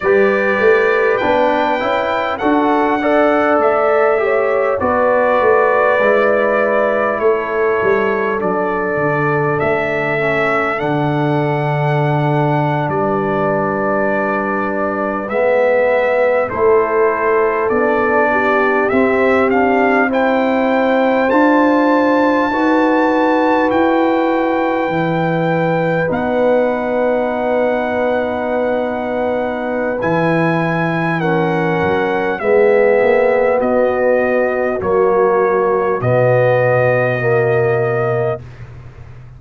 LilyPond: <<
  \new Staff \with { instrumentName = "trumpet" } { \time 4/4 \tempo 4 = 50 d''4 g''4 fis''4 e''4 | d''2 cis''4 d''4 | e''4 fis''4.~ fis''16 d''4~ d''16~ | d''8. e''4 c''4 d''4 e''16~ |
e''16 f''8 g''4 a''2 g''16~ | g''4.~ g''16 fis''2~ fis''16~ | fis''4 gis''4 fis''4 e''4 | dis''4 cis''4 dis''2 | }
  \new Staff \with { instrumentName = "horn" } { \time 4/4 b'2 a'8 d''4 cis''8 | b'2 a'2~ | a'2~ a'8. b'4~ b'16~ | b'4.~ b'16 a'4. g'8.~ |
g'8. c''2 b'4~ b'16~ | b'1~ | b'2 ais'4 gis'4 | fis'1 | }
  \new Staff \with { instrumentName = "trombone" } { \time 4/4 g'4 d'8 e'8 fis'8 a'4 g'8 | fis'4 e'2 d'4~ | d'8 cis'8 d'2.~ | d'8. b4 e'4 d'4 c'16~ |
c'16 d'8 e'4 f'4 fis'4~ fis'16~ | fis'8. e'4 dis'2~ dis'16~ | dis'4 e'4 cis'4 b4~ | b4 ais4 b4 ais4 | }
  \new Staff \with { instrumentName = "tuba" } { \time 4/4 g8 a8 b8 cis'8 d'4 a4 | b8 a8 gis4 a8 g8 fis8 d8 | a4 d4.~ d16 g4~ g16~ | g8. gis4 a4 b4 c'16~ |
c'4.~ c'16 d'4 dis'4 e'16~ | e'8. e4 b2~ b16~ | b4 e4. fis8 gis8 ais8 | b4 fis4 b,2 | }
>>